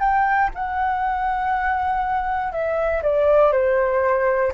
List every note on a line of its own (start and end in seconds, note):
0.00 0.50 G5
0.55 2.52 F#5
2.52 3.02 E5
3.03 3.52 D5
3.52 4.52 C5